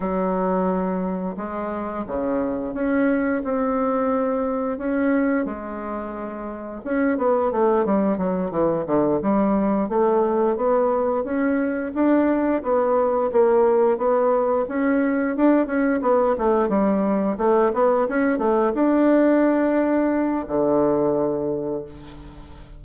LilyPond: \new Staff \with { instrumentName = "bassoon" } { \time 4/4 \tempo 4 = 88 fis2 gis4 cis4 | cis'4 c'2 cis'4 | gis2 cis'8 b8 a8 g8 | fis8 e8 d8 g4 a4 b8~ |
b8 cis'4 d'4 b4 ais8~ | ais8 b4 cis'4 d'8 cis'8 b8 | a8 g4 a8 b8 cis'8 a8 d'8~ | d'2 d2 | }